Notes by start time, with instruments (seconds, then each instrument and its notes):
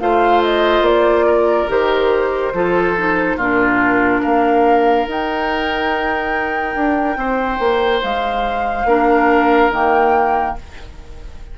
0.00 bassoon A3, clarinet F4, oboe C5, flute F5
0.43 flute D#5
0.82 bassoon A#3, flute D5
1.27 oboe A#4
1.68 bassoon D#3, clarinet G4, flute C5
2.54 bassoon F3, clarinet F4, oboe A4
2.97 clarinet D#4
3.37 bassoon A#2, clarinet D4, oboe F4, flute A#4
4.22 bassoon A#3, oboe A#4, flute F5
5.07 bassoon D#4, clarinet D#4, flute G5
6.76 bassoon D4
7.17 bassoon C4, oboe C5
7.60 bassoon A#3
8.03 bassoon G#3, flute F5
8.85 bassoon A#3, clarinet D4, oboe A#4
9.71 bassoon D#3, clarinet A#3, flute G5